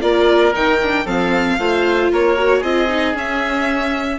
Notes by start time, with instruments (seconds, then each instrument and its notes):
0.00 bassoon A#3, viola F4, oboe A#4, violin D5
0.53 bassoon D#3, viola D#4, violin G5
0.82 viola D4
1.04 bassoon F3, viola C4, oboe A4, violin F5
1.57 bassoon A3, viola F4, oboe C5
2.12 bassoon A#3, oboe A#4, violin C#5
2.36 viola F#4
2.58 bassoon C4, viola F4, oboe G#4, violin D#5
2.88 viola D#4
3.14 viola C#4, bassoon C#4, violin E5